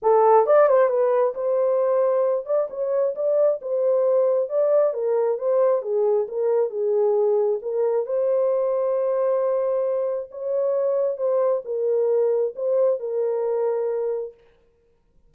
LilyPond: \new Staff \with { instrumentName = "horn" } { \time 4/4 \tempo 4 = 134 a'4 d''8 c''8 b'4 c''4~ | c''4. d''8 cis''4 d''4 | c''2 d''4 ais'4 | c''4 gis'4 ais'4 gis'4~ |
gis'4 ais'4 c''2~ | c''2. cis''4~ | cis''4 c''4 ais'2 | c''4 ais'2. | }